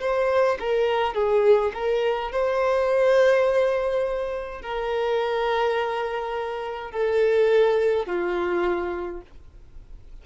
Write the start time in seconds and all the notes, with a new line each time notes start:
0.00 C5
0.60 A#4
1.14 G#4
1.74 A#4
2.31 C5
4.62 A#4
6.91 A4
8.06 F4